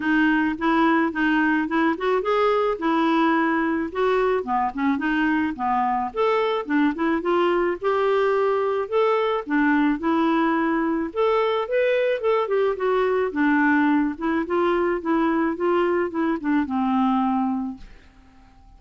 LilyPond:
\new Staff \with { instrumentName = "clarinet" } { \time 4/4 \tempo 4 = 108 dis'4 e'4 dis'4 e'8 fis'8 | gis'4 e'2 fis'4 | b8 cis'8 dis'4 b4 a'4 | d'8 e'8 f'4 g'2 |
a'4 d'4 e'2 | a'4 b'4 a'8 g'8 fis'4 | d'4. e'8 f'4 e'4 | f'4 e'8 d'8 c'2 | }